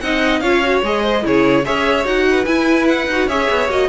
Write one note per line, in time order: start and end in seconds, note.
0.00 0.41 C4
0.00 0.43 D#4
0.00 0.42 D#5
0.00 0.40 F#5
0.40 0.81 C#4
0.40 0.63 F4
0.40 1.02 C#5
0.40 0.81 F5
0.63 0.83 F#4
0.83 1.24 G#3
0.83 1.23 G#4
0.83 1.26 D#5
1.02 1.22 C5
1.23 1.66 C#3
1.23 1.63 E4
1.23 1.64 G#4
1.23 1.65 C#5
1.64 2.05 C#4
1.64 2.04 G#4
1.64 2.26 C#5
1.64 2.06 E5
2.04 2.45 D#4
2.04 2.45 F#4
2.04 2.45 F#5
2.30 3.27 B4
2.45 3.07 E4
2.45 3.08 E4
2.45 2.86 G#5
2.87 3.28 F#5
3.07 3.27 D#4
3.07 3.29 F#4
3.27 3.48 C#4
3.27 3.69 G#4
3.27 3.88 C#5
3.27 3.69 E5
3.50 3.68 B3
3.68 3.89 A#3
3.68 3.89 F#4
3.68 3.89 D#5